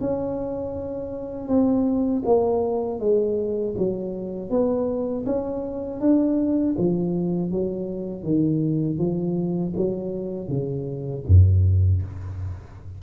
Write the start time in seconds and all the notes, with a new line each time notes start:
0.00 C#4
1.48 C4
2.25 A#3
2.99 G#3
3.77 F#3
4.50 B3
5.25 C#4
6.00 D4
6.78 F3
7.51 F#3
8.23 D#3
8.98 F3
9.76 F#3
10.48 C#3
11.27 F#2